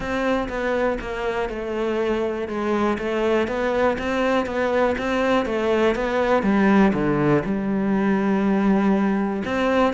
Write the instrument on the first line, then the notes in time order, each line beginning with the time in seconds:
cello
0.00 C4
0.48 B3
1.01 A#3
1.49 A3
2.47 G#3
2.98 A3
3.47 B3
3.98 C4
4.46 B3
4.98 C4
5.45 A3
5.95 B3
6.43 G3
6.93 D3
7.44 G3
9.44 C4